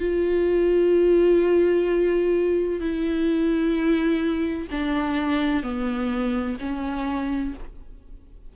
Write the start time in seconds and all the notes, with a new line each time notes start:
0.00 F4
2.80 E4
4.71 D4
5.63 B3
6.61 C#4